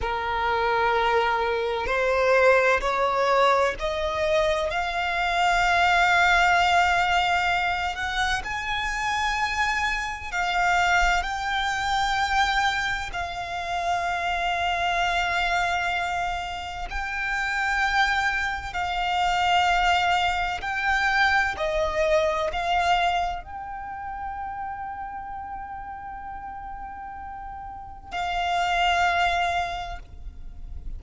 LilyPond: \new Staff \with { instrumentName = "violin" } { \time 4/4 \tempo 4 = 64 ais'2 c''4 cis''4 | dis''4 f''2.~ | f''8 fis''8 gis''2 f''4 | g''2 f''2~ |
f''2 g''2 | f''2 g''4 dis''4 | f''4 g''2.~ | g''2 f''2 | }